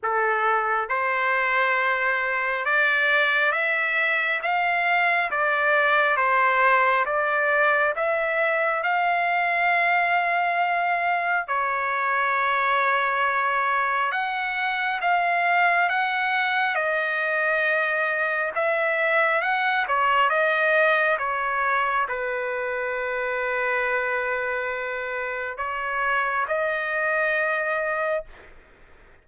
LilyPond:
\new Staff \with { instrumentName = "trumpet" } { \time 4/4 \tempo 4 = 68 a'4 c''2 d''4 | e''4 f''4 d''4 c''4 | d''4 e''4 f''2~ | f''4 cis''2. |
fis''4 f''4 fis''4 dis''4~ | dis''4 e''4 fis''8 cis''8 dis''4 | cis''4 b'2.~ | b'4 cis''4 dis''2 | }